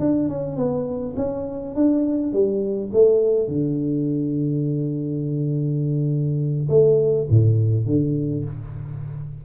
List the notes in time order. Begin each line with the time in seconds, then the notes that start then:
0.00 D4
0.29 C#4
0.57 B3
1.17 C#4
1.75 D4
2.33 G3
2.93 A3
3.48 D3
6.69 A3
7.30 A2
7.86 D3